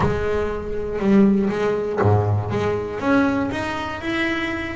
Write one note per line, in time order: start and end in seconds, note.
0.00 0.99 G#3
0.99 1.49 G3
1.49 1.99 G#3
2.01 2.50 G#2
2.50 3.00 G#3
3.00 3.50 C#4
3.51 4.01 D#4
4.01 4.75 E4